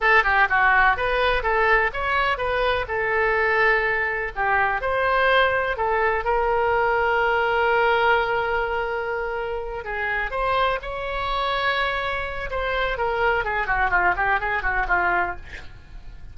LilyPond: \new Staff \with { instrumentName = "oboe" } { \time 4/4 \tempo 4 = 125 a'8 g'8 fis'4 b'4 a'4 | cis''4 b'4 a'2~ | a'4 g'4 c''2 | a'4 ais'2.~ |
ais'1~ | ais'8 gis'4 c''4 cis''4.~ | cis''2 c''4 ais'4 | gis'8 fis'8 f'8 g'8 gis'8 fis'8 f'4 | }